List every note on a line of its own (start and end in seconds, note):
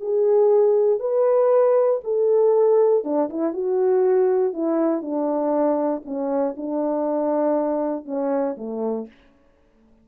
0.00 0.99 G#4
0.99 2.00 B4
2.04 3.04 A4
3.04 3.29 D4
3.30 3.53 E4
3.53 4.53 F#4
4.53 5.01 E4
5.01 6.02 D4
6.04 6.55 C#4
6.56 8.05 D4
8.05 8.55 C#4
8.57 9.07 A3